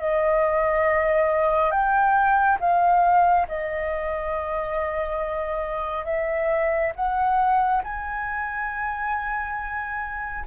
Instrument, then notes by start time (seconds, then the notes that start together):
flute
0.00 D#5
1.72 G5
2.60 F5
3.48 D#5
6.06 E5
6.96 F#5
7.84 G#5